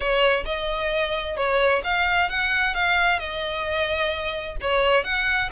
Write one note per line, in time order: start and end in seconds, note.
0.00 0.44 C#5
0.45 1.36 D#5
1.36 1.82 C#5
1.83 2.29 F5
2.29 2.74 F#5
2.74 3.19 F5
3.19 4.56 D#5
4.61 5.04 C#5
5.04 5.49 F#5